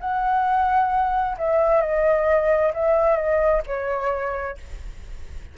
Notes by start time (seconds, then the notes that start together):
0.00 F#5
1.38 E5
1.81 D#5
2.74 E5
3.16 D#5
3.67 C#5